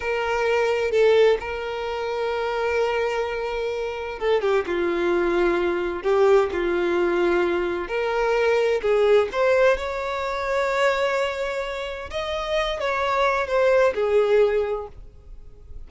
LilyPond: \new Staff \with { instrumentName = "violin" } { \time 4/4 \tempo 4 = 129 ais'2 a'4 ais'4~ | ais'1~ | ais'4 a'8 g'8 f'2~ | f'4 g'4 f'2~ |
f'4 ais'2 gis'4 | c''4 cis''2.~ | cis''2 dis''4. cis''8~ | cis''4 c''4 gis'2 | }